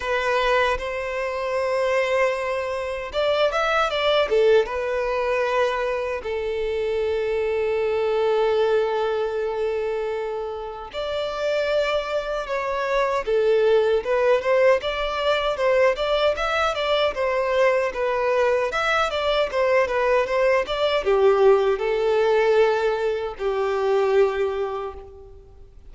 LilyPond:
\new Staff \with { instrumentName = "violin" } { \time 4/4 \tempo 4 = 77 b'4 c''2. | d''8 e''8 d''8 a'8 b'2 | a'1~ | a'2 d''2 |
cis''4 a'4 b'8 c''8 d''4 | c''8 d''8 e''8 d''8 c''4 b'4 | e''8 d''8 c''8 b'8 c''8 d''8 g'4 | a'2 g'2 | }